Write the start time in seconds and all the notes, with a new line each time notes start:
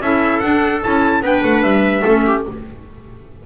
0.00 C#4 E4 A4 E5
0.40 D4 F#5
0.83 C#4 E4 A5
1.21 B3 D4 B4 G5
1.43 A3 F#5
1.62 G3 E5
2.02 A3 C#4 A4
2.26 G4